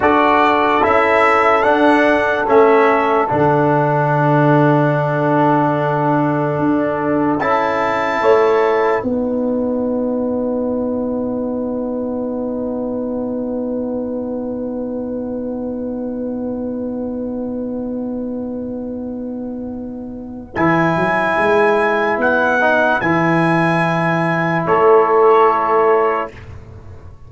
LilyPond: <<
  \new Staff \with { instrumentName = "trumpet" } { \time 4/4 \tempo 4 = 73 d''4 e''4 fis''4 e''4 | fis''1~ | fis''4 a''2 fis''4~ | fis''1~ |
fis''1~ | fis''1~ | fis''4 gis''2 fis''4 | gis''2 cis''2 | }
  \new Staff \with { instrumentName = "horn" } { \time 4/4 a'1~ | a'1~ | a'2 cis''4 b'4~ | b'1~ |
b'1~ | b'1~ | b'1~ | b'2 a'2 | }
  \new Staff \with { instrumentName = "trombone" } { \time 4/4 fis'4 e'4 d'4 cis'4 | d'1~ | d'4 e'2 dis'4~ | dis'1~ |
dis'1~ | dis'1~ | dis'4 e'2~ e'8 dis'8 | e'1 | }
  \new Staff \with { instrumentName = "tuba" } { \time 4/4 d'4 cis'4 d'4 a4 | d1 | d'4 cis'4 a4 b4~ | b1~ |
b1~ | b1~ | b4 e8 fis8 gis4 b4 | e2 a2 | }
>>